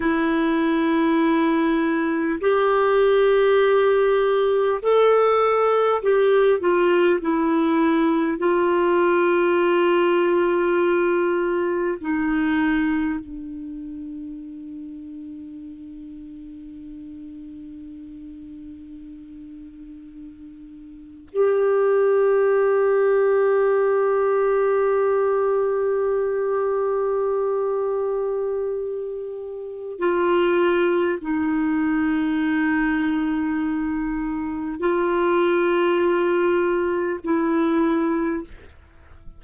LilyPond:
\new Staff \with { instrumentName = "clarinet" } { \time 4/4 \tempo 4 = 50 e'2 g'2 | a'4 g'8 f'8 e'4 f'4~ | f'2 dis'4 d'4~ | d'1~ |
d'4.~ d'16 g'2~ g'16~ | g'1~ | g'4 f'4 dis'2~ | dis'4 f'2 e'4 | }